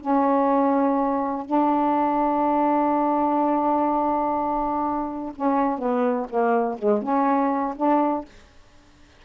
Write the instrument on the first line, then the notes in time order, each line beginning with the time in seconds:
saxophone
0.00 C#4
1.45 D4
5.35 C#4
5.78 B3
6.29 A#3
6.78 G#3
7.02 C#4
7.76 D4